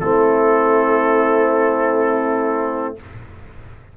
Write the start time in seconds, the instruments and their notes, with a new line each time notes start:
0.00 tuba A3, trombone C4, horn E4, trumpet A4